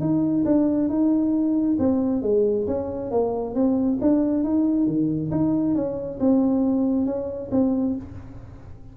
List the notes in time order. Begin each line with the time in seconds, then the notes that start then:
0.00 D#4
0.45 D4
0.89 D#4
1.79 C4
2.22 G#3
2.67 C#4
3.11 A#3
3.55 C4
4.01 D4
4.44 D#4
4.86 D#3
5.31 D#4
5.75 C#4
6.20 C4
7.06 C#4
7.51 C4